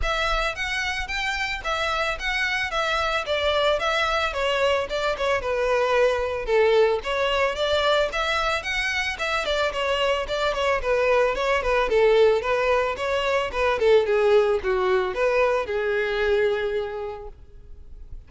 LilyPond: \new Staff \with { instrumentName = "violin" } { \time 4/4 \tempo 4 = 111 e''4 fis''4 g''4 e''4 | fis''4 e''4 d''4 e''4 | cis''4 d''8 cis''8 b'2 | a'4 cis''4 d''4 e''4 |
fis''4 e''8 d''8 cis''4 d''8 cis''8 | b'4 cis''8 b'8 a'4 b'4 | cis''4 b'8 a'8 gis'4 fis'4 | b'4 gis'2. | }